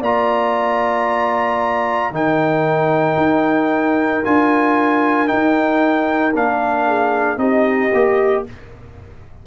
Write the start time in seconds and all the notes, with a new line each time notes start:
0.00 A#3 F4 D5 A#5
2.11 D#3 D#4 A#4 G5
3.17 D#4
4.25 D4 F4 G#5
5.27 D#4 G5
6.34 A#3 D4 F5
6.87 G#4
7.37 C4 D#4 G4 D#5
7.94 A#3 G4